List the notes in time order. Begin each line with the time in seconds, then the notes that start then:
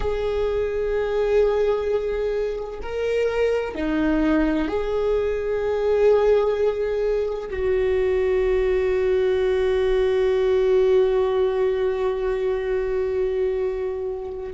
0.00 G#4
2.82 A#4
3.74 D#4
4.68 G#4
7.50 F#4